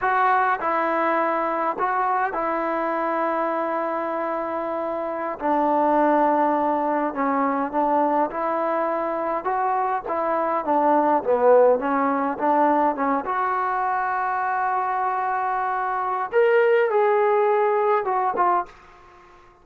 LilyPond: \new Staff \with { instrumentName = "trombone" } { \time 4/4 \tempo 4 = 103 fis'4 e'2 fis'4 | e'1~ | e'4~ e'16 d'2~ d'8.~ | d'16 cis'4 d'4 e'4.~ e'16~ |
e'16 fis'4 e'4 d'4 b8.~ | b16 cis'4 d'4 cis'8 fis'4~ fis'16~ | fis'1 | ais'4 gis'2 fis'8 f'8 | }